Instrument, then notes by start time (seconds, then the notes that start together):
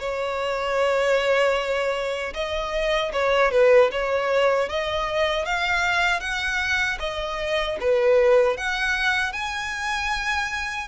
violin
0.00 C#5
2.34 D#5
3.13 C#5
3.52 B4
3.91 C#5
4.69 D#5
5.46 F5
6.21 F#5
7.00 D#5
7.81 B4
8.57 F#5
9.33 G#5